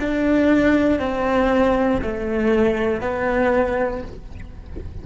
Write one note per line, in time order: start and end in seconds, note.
0.00 1.00 D4
1.00 2.02 C4
2.02 3.01 A3
3.01 4.03 B3